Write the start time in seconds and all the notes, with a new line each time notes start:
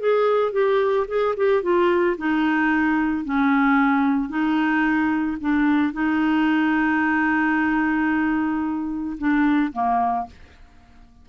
0.00 G#4
0.53 G4
1.08 G#4
1.37 G4
1.63 F4
2.18 D#4
3.25 C#4
4.29 D#4
5.41 D4
5.93 D#4
9.18 D4
9.73 A#3